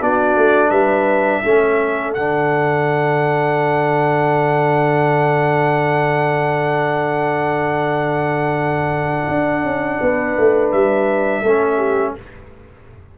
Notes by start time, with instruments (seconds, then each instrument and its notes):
0.00 tuba B3, trombone D4, horn F#4, trumpet D5
0.36 tuba A3
0.69 tuba G3, horn B4, trumpet E5
1.44 tuba A3, trombone C#4, horn A4
2.14 tuba D3, trombone D4, trumpet F#5
9.28 tuba D4
9.63 tuba C#4
10.00 tuba B3, horn B4
10.38 tuba A3
10.72 tuba G3, trumpet E5
11.42 tuba A3, trombone C#4, horn A4
11.77 horn G4